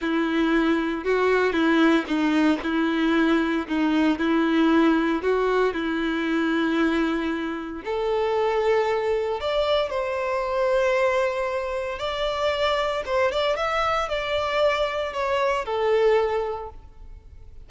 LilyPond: \new Staff \with { instrumentName = "violin" } { \time 4/4 \tempo 4 = 115 e'2 fis'4 e'4 | dis'4 e'2 dis'4 | e'2 fis'4 e'4~ | e'2. a'4~ |
a'2 d''4 c''4~ | c''2. d''4~ | d''4 c''8 d''8 e''4 d''4~ | d''4 cis''4 a'2 | }